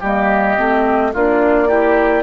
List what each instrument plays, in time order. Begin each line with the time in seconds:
0.00 bassoon G3, clarinet A#3, oboe G4, flute D#5
0.57 bassoon A3, clarinet C4
1.13 bassoon A#3, clarinet D4, oboe F4, flute D5
1.68 clarinet E4, oboe G4